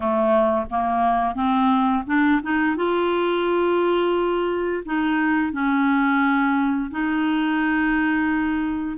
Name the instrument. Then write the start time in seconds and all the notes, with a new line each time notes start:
clarinet
0.00 A3
0.70 A#3
1.34 C4
2.06 D4
2.42 D#4
2.76 F4
4.85 D#4
5.52 C#4
6.90 D#4